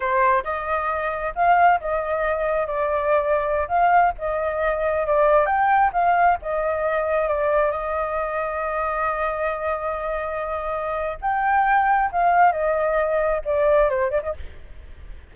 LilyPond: \new Staff \with { instrumentName = "flute" } { \time 4/4 \tempo 4 = 134 c''4 dis''2 f''4 | dis''2 d''2~ | d''16 f''4 dis''2 d''8.~ | d''16 g''4 f''4 dis''4.~ dis''16~ |
dis''16 d''4 dis''2~ dis''8.~ | dis''1~ | dis''4 g''2 f''4 | dis''2 d''4 c''8 d''16 dis''16 | }